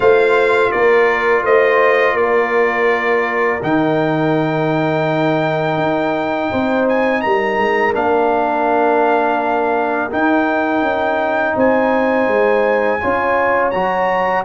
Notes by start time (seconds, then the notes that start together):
0.00 A3 F4 C5 F5
0.71 A#3 A#4 D5
1.43 A3 C5 D#5
2.13 A#3 D5
2.20 A#4
3.62 D#3 D#4 G5
5.77 D#4
6.50 C4 C5
6.88 G#5
7.21 G3 A#4 A#5
7.57 G#3
7.93 A#3 D4 F5
10.10 D#4 G5
10.81 C#4
11.55 C4 C5 G#5
12.27 G#3
13.00 C#4 F4 C#5
13.70 F#3 F#4 A#5